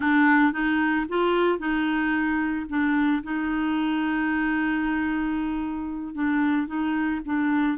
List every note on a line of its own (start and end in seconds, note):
0.00 0.52 D4
0.52 1.06 D#4
1.08 1.58 F4
1.58 2.65 D#4
2.69 3.23 D4
3.23 6.14 D#4
6.14 6.67 D4
6.67 7.21 D#4
7.25 7.78 D4